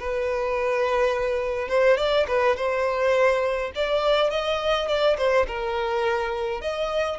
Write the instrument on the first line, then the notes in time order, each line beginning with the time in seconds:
violin
0.00 B4
1.69 C5
1.98 D5
2.28 B4
2.57 C5
3.76 D5
4.31 D#5
4.89 D5
5.18 C5
5.48 A#4
6.62 D#5